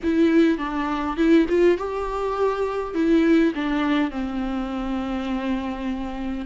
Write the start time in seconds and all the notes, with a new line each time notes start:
0.03 E4
0.58 D4
1.16 E4
1.48 F4
1.77 G4
2.94 E4
3.55 D4
4.10 C4